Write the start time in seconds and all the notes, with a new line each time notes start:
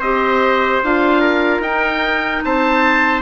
0.00 C4 G4 C5 D#5
0.84 D4 F4 F5
1.21 A#4
1.60 D#4 G5
2.45 C4 C5 A5